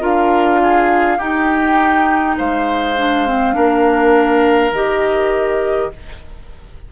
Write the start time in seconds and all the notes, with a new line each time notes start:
0.00 D4 F4 A#4 F5
0.62 G#4
1.17 D#4 G4 G5
2.37 G#3 C5 F5
2.97 D4
3.26 C4
3.53 A#3 D4 A#4
4.71 D#3 G4 D#5